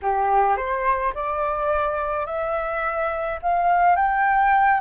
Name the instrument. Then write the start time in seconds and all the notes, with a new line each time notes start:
flute
0.02 G4
0.56 C5
1.14 D5
2.25 E5
3.42 F5
3.95 G5